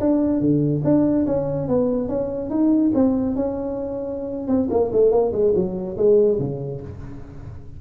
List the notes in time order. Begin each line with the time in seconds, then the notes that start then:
0.00 D4
0.40 D3
0.84 D4
1.27 C#4
1.68 B3
2.08 C#4
2.50 D#4
2.95 C4
3.35 C#4
4.48 C4
4.70 A#3
4.92 A3
5.11 A#3
5.32 G#3
5.55 F#3
5.97 G#3
6.39 C#3